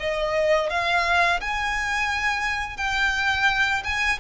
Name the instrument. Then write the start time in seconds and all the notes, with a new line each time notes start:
violin
0.00 D#5
0.70 F5
1.41 G#5
2.78 G5
3.84 G#5